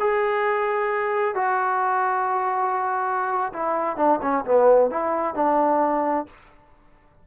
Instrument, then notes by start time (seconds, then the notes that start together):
trombone
0.00 G#4
1.35 F#4
3.53 E4
3.97 D4
4.22 C#4
4.45 B3
4.91 E4
5.35 D4